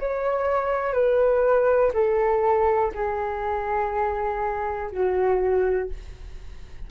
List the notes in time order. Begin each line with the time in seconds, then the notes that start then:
0.00 C#5
0.93 B4
1.94 A4
2.95 G#4
4.91 F#4